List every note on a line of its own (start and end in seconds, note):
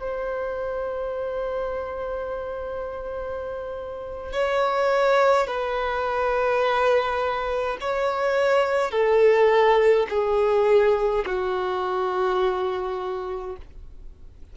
0.00 4.33 C5
4.33 5.47 C#5
5.47 7.78 B4
7.81 8.91 C#5
8.91 10.06 A4
10.10 11.25 G#4
11.26 13.57 F#4